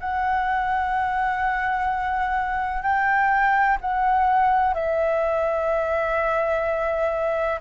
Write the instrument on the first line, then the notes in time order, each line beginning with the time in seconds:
flute
0.00 F#5
2.82 G5
3.81 F#5
4.74 E5